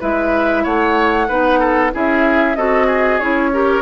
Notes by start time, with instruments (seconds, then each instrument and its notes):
0.00 bassoon G#3, clarinet E4, oboe B4, flute E5
0.64 bassoon A3, oboe C#5, flute F#5
1.29 bassoon B3, clarinet D#4, oboe B4
1.60 oboe A4
1.93 bassoon C#4, clarinet E4, oboe G#4, flute E5
2.56 bassoon C4, clarinet F#4, oboe A4, flute D#5
2.87 oboe G#4
3.20 bassoon C#4, clarinet E4, flute C#5
3.54 clarinet G4, oboe A#4